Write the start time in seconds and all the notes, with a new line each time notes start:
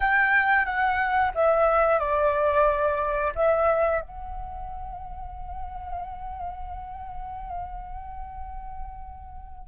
0.00 G5
0.65 F#5
1.35 E5
1.99 D5
3.35 E5
4.01 F#5